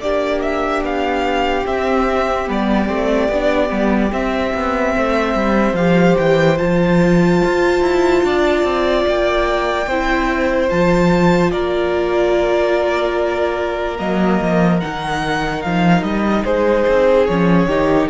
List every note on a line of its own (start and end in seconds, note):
0.00 0.82 A#3
0.00 1.65 D4
0.00 4.96 G4
0.00 0.41 D5
0.41 0.82 E5
0.82 1.65 B3
0.82 1.66 F5
1.65 2.47 C4
1.65 2.48 C4
1.65 2.48 E5
2.47 2.89 G3
2.47 2.87 B3
2.47 4.12 D5
2.87 3.29 A3
2.87 3.28 C4
3.29 3.70 B3
3.29 3.69 D4
3.69 4.12 G3
3.69 4.10 B3
4.12 5.76 C4
4.12 4.53 C4
4.12 5.75 E5
4.54 4.95 B3
4.96 5.34 A3
4.96 8.25 C5
5.34 5.73 G3
5.73 6.14 F3
5.73 6.57 G4
5.73 6.16 F5
6.17 6.59 E3
6.17 6.57 G5
6.57 7.42 F3
6.57 9.86 F4
6.57 9.04 A5
7.45 7.81 F4
7.81 8.22 E4
8.23 8.63 D4
8.23 9.87 D5
8.63 9.04 C4
9.07 9.86 A#3
9.07 10.69 G5
9.86 10.68 C4
9.86 10.70 E4
9.86 11.51 C5
10.69 11.52 F3
10.69 13.98 F4
10.69 11.50 A5
11.50 13.99 A#3
11.50 16.45 A#4
11.50 13.97 D5
13.98 14.40 F#3
13.98 14.80 A#3
13.98 14.79 D#5
14.41 14.82 F3
14.79 15.64 D#3
14.79 17.28 D#4
14.79 15.62 F#5
15.62 16.02 F3
15.62 16.03 F5
16.02 16.43 G3
16.02 16.44 D#5
16.44 16.86 G#3
16.44 17.68 G#4
16.44 17.26 C5
16.87 17.28 C4
17.26 17.66 F3
17.26 17.69 C#4
17.26 18.08 C#5
17.66 18.07 D#3
17.66 18.09 D#4
17.66 18.09 G4